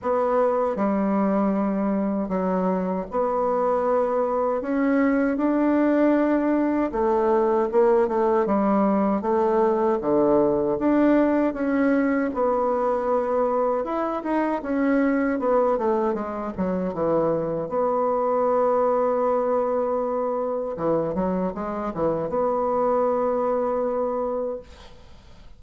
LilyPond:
\new Staff \with { instrumentName = "bassoon" } { \time 4/4 \tempo 4 = 78 b4 g2 fis4 | b2 cis'4 d'4~ | d'4 a4 ais8 a8 g4 | a4 d4 d'4 cis'4 |
b2 e'8 dis'8 cis'4 | b8 a8 gis8 fis8 e4 b4~ | b2. e8 fis8 | gis8 e8 b2. | }